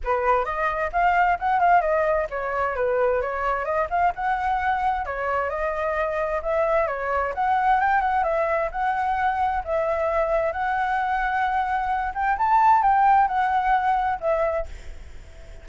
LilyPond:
\new Staff \with { instrumentName = "flute" } { \time 4/4 \tempo 4 = 131 b'4 dis''4 f''4 fis''8 f''8 | dis''4 cis''4 b'4 cis''4 | dis''8 f''8 fis''2 cis''4 | dis''2 e''4 cis''4 |
fis''4 g''8 fis''8 e''4 fis''4~ | fis''4 e''2 fis''4~ | fis''2~ fis''8 g''8 a''4 | g''4 fis''2 e''4 | }